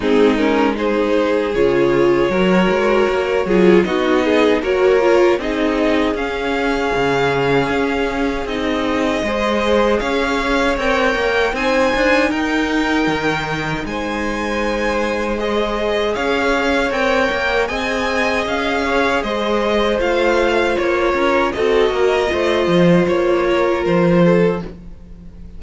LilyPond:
<<
  \new Staff \with { instrumentName = "violin" } { \time 4/4 \tempo 4 = 78 gis'8 ais'8 c''4 cis''2~ | cis''4 dis''4 cis''4 dis''4 | f''2. dis''4~ | dis''4 f''4 g''4 gis''4 |
g''2 gis''2 | dis''4 f''4 g''4 gis''4 | f''4 dis''4 f''4 cis''4 | dis''2 cis''4 c''4 | }
  \new Staff \with { instrumentName = "violin" } { \time 4/4 dis'4 gis'2 ais'4~ | ais'8 gis'8 fis'8 gis'8 ais'4 gis'4~ | gis'1 | c''4 cis''2 c''4 |
ais'2 c''2~ | c''4 cis''2 dis''4~ | dis''8 cis''8 c''2~ c''8 ais'8 | a'8 ais'8 c''4. ais'4 a'8 | }
  \new Staff \with { instrumentName = "viola" } { \time 4/4 c'8 cis'8 dis'4 f'4 fis'4~ | fis'8 f'8 dis'4 fis'8 f'8 dis'4 | cis'2. dis'4 | gis'2 ais'4 dis'4~ |
dis'1 | gis'2 ais'4 gis'4~ | gis'2 f'2 | fis'4 f'2. | }
  \new Staff \with { instrumentName = "cello" } { \time 4/4 gis2 cis4 fis8 gis8 | ais8 fis8 b4 ais4 c'4 | cis'4 cis4 cis'4 c'4 | gis4 cis'4 c'8 ais8 c'8 d'8 |
dis'4 dis4 gis2~ | gis4 cis'4 c'8 ais8 c'4 | cis'4 gis4 a4 ais8 cis'8 | c'8 ais8 a8 f8 ais4 f4 | }
>>